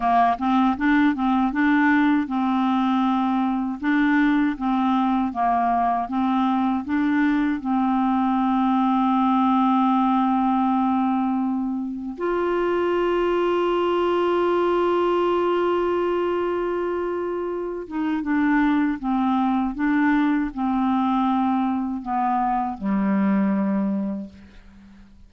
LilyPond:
\new Staff \with { instrumentName = "clarinet" } { \time 4/4 \tempo 4 = 79 ais8 c'8 d'8 c'8 d'4 c'4~ | c'4 d'4 c'4 ais4 | c'4 d'4 c'2~ | c'1 |
f'1~ | f'2.~ f'8 dis'8 | d'4 c'4 d'4 c'4~ | c'4 b4 g2 | }